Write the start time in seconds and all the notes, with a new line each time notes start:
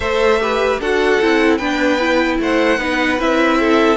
0.00 A3 A4 C5 E5
0.40 G4 B4
0.80 D4 F#4 A4 F#5
1.21 C4 E4
1.57 B3 D4 B4 G5
1.99 E4
2.39 A3 C5 F#5
2.78 B3 D#4 B4
3.18 C4 E4 E5
3.59 A4